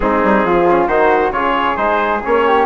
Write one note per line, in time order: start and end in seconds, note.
0.00 0.23 G#3
0.00 0.64 C4
0.00 0.46 D#4
0.00 0.87 G#4
0.23 0.44 G3
0.44 0.87 F3
0.44 0.87 F4
0.69 0.89 C#4
0.87 1.31 D#3
0.87 1.33 D#4
0.87 1.32 F#4
0.87 1.31 C5
1.31 1.75 C#3
1.31 1.76 F4
1.31 1.76 C#5
1.37 2.47 G#4
1.76 2.21 G#3
1.76 2.21 D#4
1.76 2.21 C5
2.23 2.65 A#3
2.23 2.65 C#4
2.23 2.65 C#5
2.47 2.65 G4